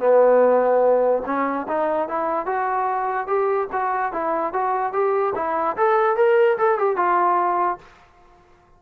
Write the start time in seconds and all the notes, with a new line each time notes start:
0.00 B3
1.26 C#4
1.68 D#4
2.08 E4
2.46 F#4
3.27 G4
3.73 F#4
4.13 E4
4.54 F#4
4.93 G4
5.35 E4
5.77 A4
6.17 A#4
6.58 A4
6.79 G4
6.97 F4